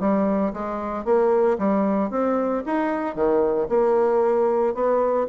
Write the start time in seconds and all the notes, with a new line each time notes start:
0.00 G3
0.53 G#3
1.05 A#3
1.58 G3
2.11 C4
2.66 D#4
3.15 D#3
3.69 A#3
4.74 B3